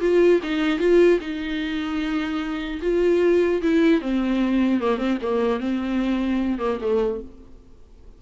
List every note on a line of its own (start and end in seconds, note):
0.00 0.40 F4
0.43 0.79 D#4
0.79 1.19 F4
1.20 2.80 D#4
2.81 3.61 F4
3.62 4.01 E4
4.01 4.80 C4
4.80 4.98 A#3
4.98 5.18 C4
5.22 5.60 A#3
5.60 6.58 C4
6.58 6.78 A#3
6.81 7.21 A3